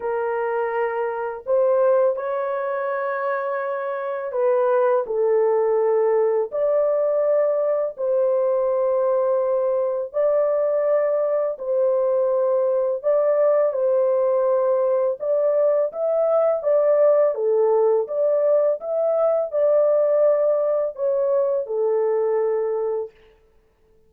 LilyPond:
\new Staff \with { instrumentName = "horn" } { \time 4/4 \tempo 4 = 83 ais'2 c''4 cis''4~ | cis''2 b'4 a'4~ | a'4 d''2 c''4~ | c''2 d''2 |
c''2 d''4 c''4~ | c''4 d''4 e''4 d''4 | a'4 d''4 e''4 d''4~ | d''4 cis''4 a'2 | }